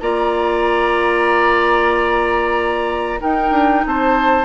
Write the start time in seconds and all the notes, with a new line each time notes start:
0.00 A#3 F4 D5 A#5
3.20 D#4 A#4 G5
3.51 D4
3.86 C4 C5 A5